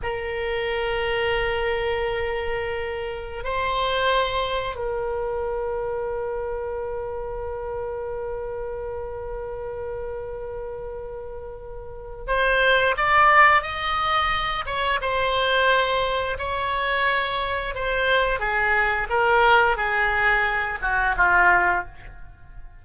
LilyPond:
\new Staff \with { instrumentName = "oboe" } { \time 4/4 \tempo 4 = 88 ais'1~ | ais'4 c''2 ais'4~ | ais'1~ | ais'1~ |
ais'2 c''4 d''4 | dis''4. cis''8 c''2 | cis''2 c''4 gis'4 | ais'4 gis'4. fis'8 f'4 | }